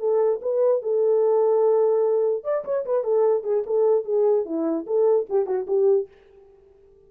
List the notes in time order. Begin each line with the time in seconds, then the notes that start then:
0.00 A4
0.42 B4
0.83 A4
2.44 D5
2.65 C#5
2.86 B4
3.04 A4
3.44 G#4
3.67 A4
4.05 G#4
4.46 E4
4.87 A4
5.30 G4
5.47 F#4
5.68 G4